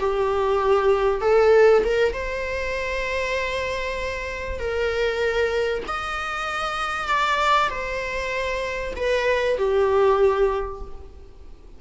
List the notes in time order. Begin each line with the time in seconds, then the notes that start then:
0.00 G4
1.21 A4
1.85 A#4
2.13 C5
4.60 A#4
5.88 D#5
7.08 D5
7.70 C5
8.96 B4
9.58 G4